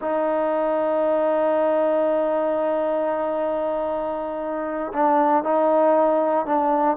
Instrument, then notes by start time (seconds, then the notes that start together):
trombone
0.01 D#4
4.93 D4
5.43 D#4
6.45 D4